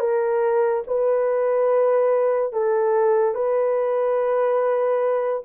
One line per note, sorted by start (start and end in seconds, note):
0.00 0.83 A#4
0.87 2.53 B4
2.53 3.35 A4
3.35 5.44 B4